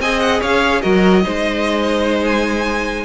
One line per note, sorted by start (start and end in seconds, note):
0.00 0.41 C4
0.00 0.82 G#4
0.00 0.41 D#5
0.00 0.20 G#5
0.20 0.41 F#5
0.41 0.84 C#4
0.41 0.81 C#5
0.41 0.82 F5
0.82 1.26 F#3
0.82 1.23 F#4
0.82 1.23 A#4
0.82 2.25 D#5
1.23 3.06 G#3
1.23 3.06 D#4
1.23 3.06 C5
2.26 3.06 G#5